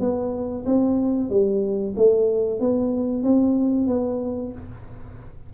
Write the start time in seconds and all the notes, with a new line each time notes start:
0.00 B3
0.65 C4
1.30 G3
1.96 A3
2.60 B3
3.23 C4
3.87 B3